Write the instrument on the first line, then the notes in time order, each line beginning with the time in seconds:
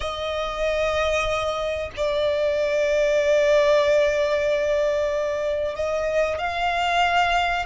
violin
0.00 D#5
1.96 D5
5.75 D#5
6.38 F5